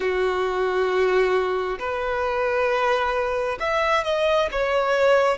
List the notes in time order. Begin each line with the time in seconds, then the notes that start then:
0.00 F#4
1.79 B4
3.60 E5
4.04 D#5
4.51 C#5